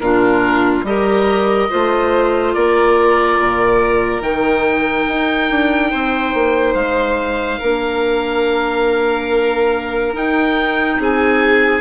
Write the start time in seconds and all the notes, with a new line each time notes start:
0.00 A#2 D4 F4 A#4
0.84 G3 G4 A#4 D#5
1.70 A3 F4 C5
2.54 A#3 A#4 D5
3.40 A#2
4.21 D#3 D#4 G5
5.08 D#4
5.51 D4
5.91 C4 C5
6.34 A#3
6.75 G#3 F5
7.59 A#3 D4 A#4
10.13 D#4 G5
10.99 C4 G#4 G#5